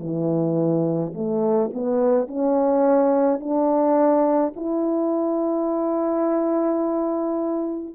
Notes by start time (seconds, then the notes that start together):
0.00 E3
1.15 A3
1.74 B3
2.28 C#4
3.41 D4
4.56 E4